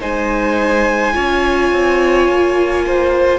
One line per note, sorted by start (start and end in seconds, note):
0.00 1.15 G#3
0.00 1.13 D#4
0.00 1.13 C5
0.00 3.39 G#5
1.13 1.71 C#4
1.13 3.39 F4
1.13 2.84 C#5
1.71 2.28 C4
2.28 3.39 A#3
2.86 3.39 C5